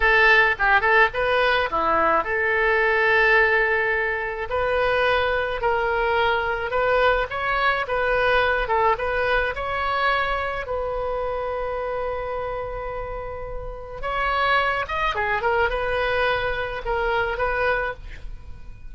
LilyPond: \new Staff \with { instrumentName = "oboe" } { \time 4/4 \tempo 4 = 107 a'4 g'8 a'8 b'4 e'4 | a'1 | b'2 ais'2 | b'4 cis''4 b'4. a'8 |
b'4 cis''2 b'4~ | b'1~ | b'4 cis''4. dis''8 gis'8 ais'8 | b'2 ais'4 b'4 | }